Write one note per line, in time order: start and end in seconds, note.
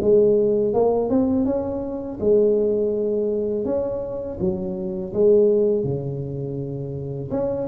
0.00 0.73 G#3
0.74 1.09 A#3
1.09 1.45 C4
1.45 2.18 C#4
2.20 3.65 G#3
3.65 4.38 C#4
4.40 5.13 F#3
5.13 5.84 G#3
5.84 7.30 C#3
7.31 7.67 C#4